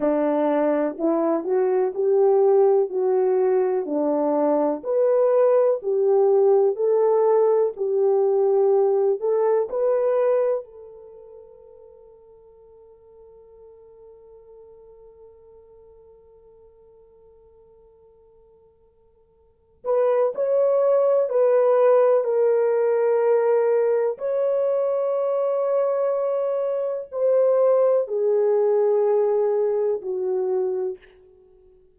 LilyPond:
\new Staff \with { instrumentName = "horn" } { \time 4/4 \tempo 4 = 62 d'4 e'8 fis'8 g'4 fis'4 | d'4 b'4 g'4 a'4 | g'4. a'8 b'4 a'4~ | a'1~ |
a'1~ | a'8 b'8 cis''4 b'4 ais'4~ | ais'4 cis''2. | c''4 gis'2 fis'4 | }